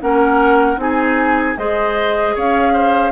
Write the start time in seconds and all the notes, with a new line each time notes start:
0.00 A#3 C#4 A#4 F#5
0.77 C4 D#4 G#4 G#5
1.57 G#3 G#4 C5 D#5
2.35 C#4 C#5 F5
2.73 C5